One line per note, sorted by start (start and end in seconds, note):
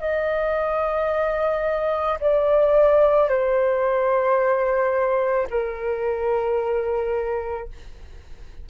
0.00 2.18 D#5
2.20 3.29 D5
3.29 5.47 C5
5.50 7.69 A#4